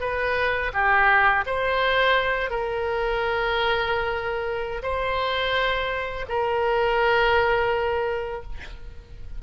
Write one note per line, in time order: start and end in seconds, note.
0.00 0.71 B4
0.73 1.44 G4
1.46 2.50 C5
2.50 4.82 A#4
4.82 6.25 C5
6.28 8.43 A#4